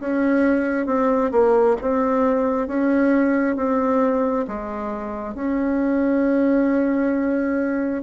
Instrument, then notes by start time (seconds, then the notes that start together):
bassoon
0.00 C#4
0.86 C4
1.31 A#3
1.82 C4
2.67 C#4
3.56 C4
4.47 G#3
5.34 C#4